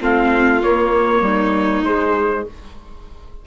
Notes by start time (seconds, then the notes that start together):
0.00 A3 C4 F4 F5
0.62 A#3 C#5
1.21 G3 D#4
1.84 G#3 C5